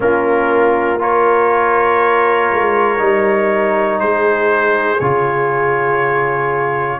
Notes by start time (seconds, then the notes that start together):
0.00 A#3 C#4 F4 A#4
0.98 F4 A#4 C#5
2.51 G#3
2.98 G3 D#4
3.99 G#3 G#4 C5
4.99 C#3 F4 C#5